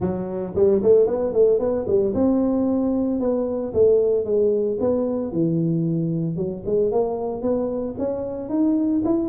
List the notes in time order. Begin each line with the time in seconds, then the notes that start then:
0.00 F#3
0.55 G3
0.82 A3
1.06 B3
1.32 A3
1.59 B3
1.87 G3
2.14 C4
3.20 B3
3.73 A3
4.25 G#3
4.80 B3
5.32 E3
6.36 F#3
6.65 G#3
6.91 A#3
7.42 B3
7.98 C#4
8.49 D#4
9.04 E4